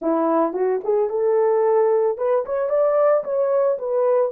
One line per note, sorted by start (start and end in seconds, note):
0.01 0.53 E4
0.53 0.80 F#4
0.84 1.09 G#4
1.09 2.17 A4
2.17 2.44 B4
2.45 2.69 C#5
2.69 3.23 D5
3.24 3.78 C#5
3.78 4.31 B4